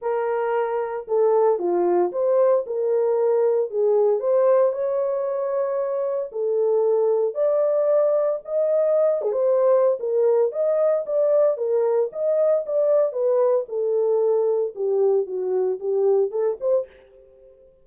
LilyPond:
\new Staff \with { instrumentName = "horn" } { \time 4/4 \tempo 4 = 114 ais'2 a'4 f'4 | c''4 ais'2 gis'4 | c''4 cis''2. | a'2 d''2 |
dis''4. gis'16 c''4~ c''16 ais'4 | dis''4 d''4 ais'4 dis''4 | d''4 b'4 a'2 | g'4 fis'4 g'4 a'8 c''8 | }